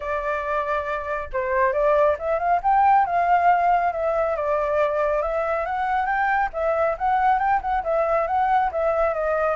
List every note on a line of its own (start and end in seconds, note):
0.00 1.29 D5
1.33 1.73 C5
1.73 2.16 D5
2.18 2.38 E5
2.38 2.60 F5
2.62 3.05 G5
3.05 3.92 F5
3.92 4.36 E5
4.36 5.22 D5
5.22 5.65 E5
5.65 6.06 F#5
6.06 6.49 G5
6.53 6.96 E5
6.98 7.38 F#5
7.38 7.60 G5
7.61 7.83 F#5
7.83 8.27 E5
8.27 8.71 F#5
8.71 9.14 E5
9.14 9.55 D#5